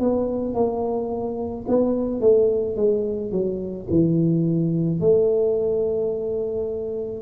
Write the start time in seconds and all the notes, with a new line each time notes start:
0.00 B3
0.55 A#3
1.68 B3
2.21 A3
2.76 G#3
3.32 F#3
3.90 E3
5.00 A3